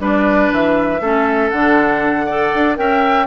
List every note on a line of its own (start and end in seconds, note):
0.00 0.50 G3
0.00 1.01 D4
0.00 1.01 B4
0.00 0.54 D5
0.52 1.01 E3
0.52 1.50 E5
1.01 1.51 A3
1.01 1.53 C#4
1.01 2.26 A4
1.50 2.53 D3
1.50 2.28 D4
1.50 2.76 F#5
2.26 2.76 A4
2.26 2.77 D5
2.54 2.78 D4
2.76 3.27 C#4
2.76 3.26 A#4
2.76 3.27 E5
2.76 3.27 G5